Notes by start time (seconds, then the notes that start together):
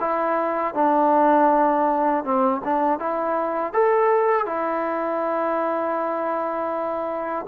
0.00 E4
0.74 D4
2.24 C4
2.65 D4
2.99 E4
3.73 A4
4.46 E4